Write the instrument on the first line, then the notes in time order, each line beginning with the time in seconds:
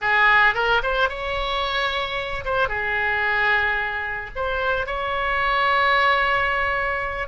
oboe
0.01 G#4
0.54 A#4
0.82 C5
1.09 C#5
2.44 C5
2.68 G#4
4.35 C5
4.86 C#5